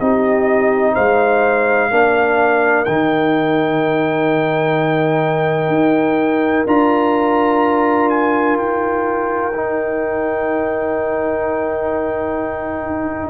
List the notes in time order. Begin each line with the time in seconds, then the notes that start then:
0.00 C4 D#4 G4 D#5
0.94 G#3 C5 F5
1.91 A#3 D4 A#4
2.85 D#3 D#4 G5
5.68 D#4
6.67 D4 F4 A#5
8.10 G#5
8.56 D#4 G5
9.54 D#4